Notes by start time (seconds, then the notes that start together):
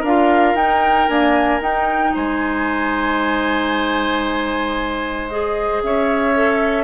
0.00 D4 A#4 F5
0.06 F4
0.54 D#4 G5
1.08 A#3 D4 G#5
1.61 D#4 G5
2.14 G#3 C5 G#5
5.29 G#4 D#5
5.82 C#4 C#5 E5
6.35 A4